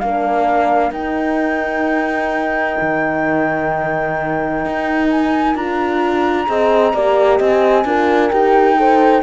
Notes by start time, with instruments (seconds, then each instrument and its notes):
0.00 cello A#3, horn D4 A#4, flute F5
0.92 cello D#4, horn D#4, flute G5
2.81 cello D#3
4.66 cello D#4
5.11 flute G#5
5.55 cello D4, horn F4, flute A#5
6.47 cello C4, horn G#4 D#5
6.94 cello A#3, horn G4 D5
7.38 cello C4, horn D#5, flute G#5
7.85 cello D4, horn F4 A#4
8.31 cello D#4, horn G4, flute G5
8.77 horn A4 C5